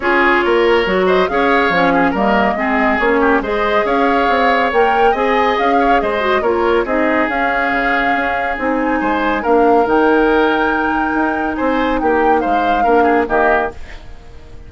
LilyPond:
<<
  \new Staff \with { instrumentName = "flute" } { \time 4/4 \tempo 4 = 140 cis''2~ cis''8 dis''8 f''4~ | f''4 dis''2 cis''4 | dis''4 f''2 g''4 | gis''4 f''4 dis''4 cis''4 |
dis''4 f''2. | gis''2 f''4 g''4~ | g''2. gis''4 | g''4 f''2 dis''4 | }
  \new Staff \with { instrumentName = "oboe" } { \time 4/4 gis'4 ais'4. c''8 cis''4~ | cis''8 gis'8 ais'4 gis'4. g'8 | c''4 cis''2. | dis''4. cis''8 c''4 ais'4 |
gis'1~ | gis'4 c''4 ais'2~ | ais'2. c''4 | g'4 c''4 ais'8 gis'8 g'4 | }
  \new Staff \with { instrumentName = "clarinet" } { \time 4/4 f'2 fis'4 gis'4 | cis'4 ais4 c'4 cis'4 | gis'2. ais'4 | gis'2~ gis'8 fis'8 f'4 |
dis'4 cis'2. | dis'2 d'4 dis'4~ | dis'1~ | dis'2 d'4 ais4 | }
  \new Staff \with { instrumentName = "bassoon" } { \time 4/4 cis'4 ais4 fis4 cis'4 | f4 g4 gis4 ais4 | gis4 cis'4 c'4 ais4 | c'4 cis'4 gis4 ais4 |
c'4 cis'4 cis4 cis'4 | c'4 gis4 ais4 dis4~ | dis2 dis'4 c'4 | ais4 gis4 ais4 dis4 | }
>>